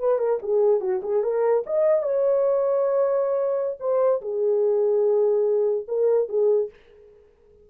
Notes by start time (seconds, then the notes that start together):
0.00 B4
0.19 A#4
0.43 G#4
0.81 F#4
1.03 G#4
1.23 A#4
1.67 D#5
2.03 C#5
3.80 C5
4.22 G#4
5.88 A#4
6.29 G#4